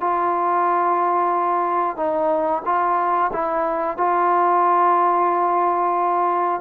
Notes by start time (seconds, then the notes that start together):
0.00 F4
1.96 D#4
2.65 F4
3.32 E4
3.97 F4